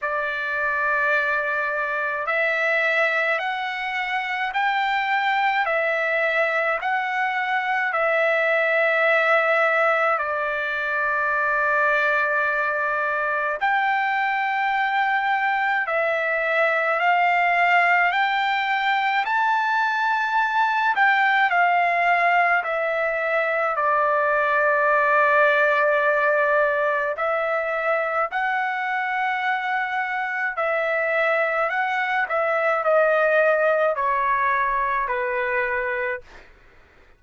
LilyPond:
\new Staff \with { instrumentName = "trumpet" } { \time 4/4 \tempo 4 = 53 d''2 e''4 fis''4 | g''4 e''4 fis''4 e''4~ | e''4 d''2. | g''2 e''4 f''4 |
g''4 a''4. g''8 f''4 | e''4 d''2. | e''4 fis''2 e''4 | fis''8 e''8 dis''4 cis''4 b'4 | }